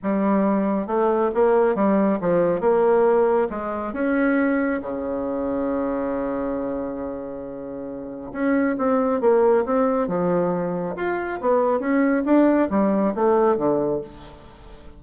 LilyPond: \new Staff \with { instrumentName = "bassoon" } { \time 4/4 \tempo 4 = 137 g2 a4 ais4 | g4 f4 ais2 | gis4 cis'2 cis4~ | cis1~ |
cis2. cis'4 | c'4 ais4 c'4 f4~ | f4 f'4 b4 cis'4 | d'4 g4 a4 d4 | }